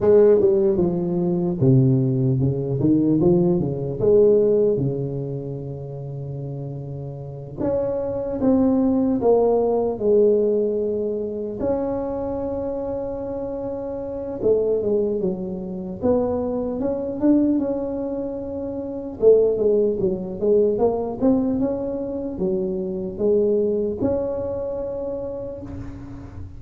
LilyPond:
\new Staff \with { instrumentName = "tuba" } { \time 4/4 \tempo 4 = 75 gis8 g8 f4 c4 cis8 dis8 | f8 cis8 gis4 cis2~ | cis4. cis'4 c'4 ais8~ | ais8 gis2 cis'4.~ |
cis'2 a8 gis8 fis4 | b4 cis'8 d'8 cis'2 | a8 gis8 fis8 gis8 ais8 c'8 cis'4 | fis4 gis4 cis'2 | }